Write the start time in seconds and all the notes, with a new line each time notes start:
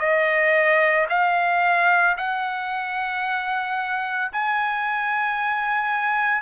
0.00 D#5
1.10 F5
2.18 F#5
4.33 G#5